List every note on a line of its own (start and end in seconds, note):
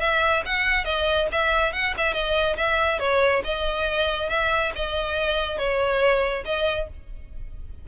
0.00 0.43 E5
0.45 0.85 F#5
0.85 1.27 D#5
1.32 1.73 E5
1.73 1.94 F#5
1.97 2.13 E5
2.13 2.56 D#5
2.56 2.99 E5
2.99 3.42 C#5
3.44 4.29 D#5
4.29 4.72 E5
4.76 5.58 D#5
5.58 6.44 C#5
6.45 6.88 D#5